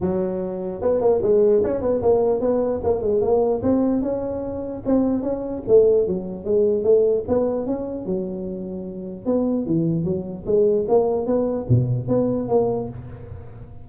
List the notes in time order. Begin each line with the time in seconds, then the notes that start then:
0.01 F#3
0.81 B3
1.01 A#3
1.22 G#3
1.63 C#4
1.81 B3
2.02 A#3
2.40 B3
2.83 A#3
3.02 G#3
3.21 A#3
3.62 C4
4.02 C#4
4.85 C4
5.22 C#4
5.67 A3
6.07 F#3
6.44 G#3
6.83 A3
7.28 B3
7.66 C#4
8.05 F#3
9.25 B3
9.66 E3
10.04 F#3
10.46 G#3
10.88 A#3
11.26 B3
11.68 B2
12.07 B3
12.48 A#3